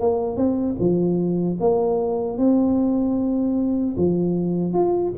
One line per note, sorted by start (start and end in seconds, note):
0.00 0.36 A#3
0.36 0.76 C4
0.79 1.58 F3
1.60 2.38 A#3
2.38 3.95 C4
3.97 4.73 F3
4.73 5.13 F4